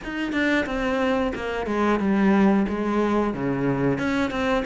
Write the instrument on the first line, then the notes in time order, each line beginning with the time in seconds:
cello
0.04 D#4
0.32 D4
0.66 C4
1.35 A#3
1.66 G#3
1.99 G3
2.68 G#3
3.34 C#3
3.98 C#4
4.30 C4